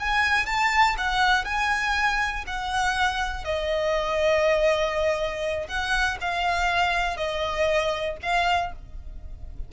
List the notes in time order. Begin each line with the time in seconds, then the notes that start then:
0.00 G#5
0.47 A5
0.98 F#5
1.45 G#5
2.47 F#5
3.45 D#5
5.68 F#5
6.21 F5
7.17 D#5
8.23 F5